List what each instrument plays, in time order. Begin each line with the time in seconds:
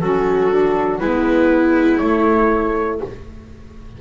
0.00 double bass F#3, saxophone C#4, viola F#4, trumpet A4
0.50 saxophone D4
0.99 double bass G#3, saxophone B3, viola E4, trumpet B4
1.98 saxophone A3, double bass A3, trumpet C#5